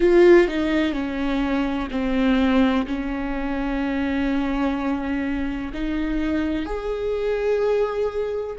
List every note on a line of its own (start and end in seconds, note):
0.00 0.47 F4
0.47 0.93 D#4
0.93 1.88 C#4
1.90 2.86 C4
2.86 5.71 C#4
5.73 6.65 D#4
6.65 8.56 G#4